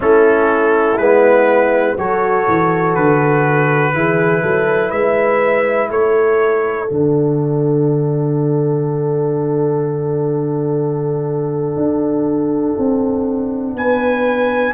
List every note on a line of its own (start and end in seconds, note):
0.00 0.97 A3
0.00 0.97 C#4
0.00 1.97 E4
0.00 0.97 A4
0.97 1.95 G#3
0.97 1.98 B3
0.97 1.96 B4
1.97 2.46 F#3
1.97 3.94 F#4
1.97 3.94 A4
1.97 2.94 C#5
2.48 2.95 E3
2.94 3.93 D3
2.94 4.91 B4
3.93 4.42 E3
3.93 6.87 E4
3.93 4.41 G#4
4.41 4.91 F#3
4.41 4.90 A4
4.91 5.90 G#3
4.91 5.89 B4
4.91 5.89 E5
5.90 6.88 A3
5.90 13.77 A4
5.90 6.89 C#5
6.87 11.76 D3
6.87 14.74 D4
6.87 13.76 F#5
11.76 12.74 D4
12.78 13.74 C4
13.74 14.72 B3
13.74 14.74 B4
13.74 14.74 G#5